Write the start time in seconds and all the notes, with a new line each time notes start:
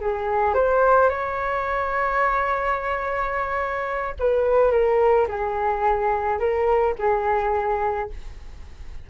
0.00 G#4
0.54 C5
1.09 C#5
4.19 B4
4.71 A#4
5.28 G#4
6.39 A#4
6.98 G#4